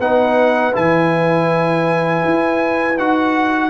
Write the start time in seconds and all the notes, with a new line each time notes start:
0.00 B3 D#4 B4 F#5
0.73 E3 E4 G#5
2.25 E4
2.98 D#4 F#4 F#5